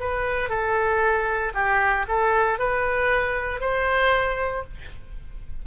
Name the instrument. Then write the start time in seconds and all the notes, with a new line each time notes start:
oboe
0.00 B4
0.49 A4
1.54 G4
2.08 A4
2.59 B4
3.60 C5